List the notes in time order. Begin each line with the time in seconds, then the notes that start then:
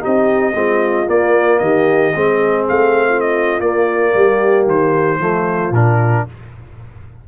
0.00 C4 D#4 G4 D#5
0.54 G#3 C4 F4
1.06 A#3 D5
1.59 D#3 G4 D#5
2.15 G#3 C4 G#4
2.69 A3 F5
3.09 F4
3.20 D#5
3.60 A#3 D5
4.13 G3 G4
4.66 D#3 C5
5.19 F3 A3 F4
5.71 A#2 D4 A#4